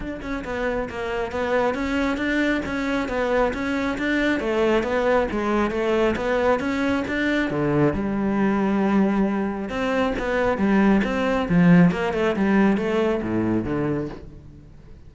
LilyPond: \new Staff \with { instrumentName = "cello" } { \time 4/4 \tempo 4 = 136 d'8 cis'8 b4 ais4 b4 | cis'4 d'4 cis'4 b4 | cis'4 d'4 a4 b4 | gis4 a4 b4 cis'4 |
d'4 d4 g2~ | g2 c'4 b4 | g4 c'4 f4 ais8 a8 | g4 a4 a,4 d4 | }